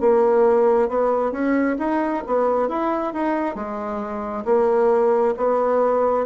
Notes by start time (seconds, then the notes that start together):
0.00 A#3
0.88 B3
1.31 C#4
1.79 D#4
2.26 B3
2.68 E4
3.13 D#4
3.55 G#3
4.45 A#3
5.37 B3